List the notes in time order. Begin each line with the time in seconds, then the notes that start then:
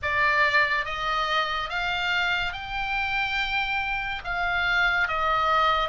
0.02 D5
0.85 D#5
1.69 F5
2.52 G5
4.24 F5
5.07 D#5